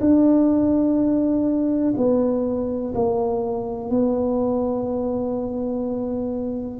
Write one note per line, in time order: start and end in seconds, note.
0.00 1.94 D4
1.97 2.93 B3
2.94 3.89 A#3
3.89 6.80 B3